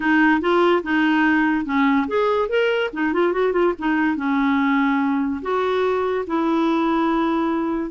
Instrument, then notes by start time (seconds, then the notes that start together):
clarinet
0.00 D#4
0.41 F4
0.83 D#4
1.65 C#4
2.07 G#4
2.48 A#4
2.93 D#4
3.13 F4
3.32 F#4
3.52 F4
3.78 D#4
4.16 C#4
5.41 F#4
6.26 E4